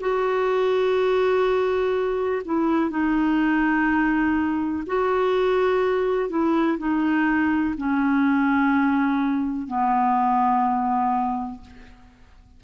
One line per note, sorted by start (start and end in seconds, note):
0.00 2.42 F#4
2.45 2.90 E4
2.90 4.83 D#4
4.87 6.29 F#4
6.29 6.77 E4
6.78 7.75 D#4
7.77 9.67 C#4
9.67 11.60 B3